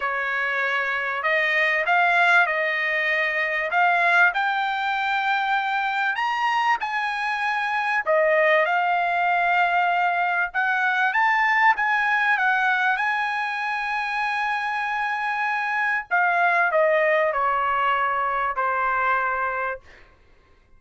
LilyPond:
\new Staff \with { instrumentName = "trumpet" } { \time 4/4 \tempo 4 = 97 cis''2 dis''4 f''4 | dis''2 f''4 g''4~ | g''2 ais''4 gis''4~ | gis''4 dis''4 f''2~ |
f''4 fis''4 a''4 gis''4 | fis''4 gis''2.~ | gis''2 f''4 dis''4 | cis''2 c''2 | }